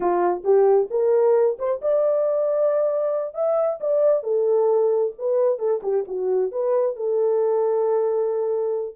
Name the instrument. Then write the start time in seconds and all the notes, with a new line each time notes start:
horn
0.00 F4
0.44 G4
0.90 A#4
1.58 C5
1.81 D5
3.34 E5
3.80 D5
4.23 A4
5.18 B4
5.58 A4
5.82 G4
6.07 F#4
6.51 B4
6.95 A4